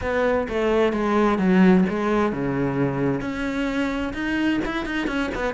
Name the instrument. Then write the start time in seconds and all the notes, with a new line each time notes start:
cello
0.01 B3
0.48 A3
0.92 G#3
1.38 F#3
1.89 G#3
2.32 C#3
3.21 C#4
4.13 D#4
4.65 E4
4.85 D#4
5.07 C#4
5.34 B3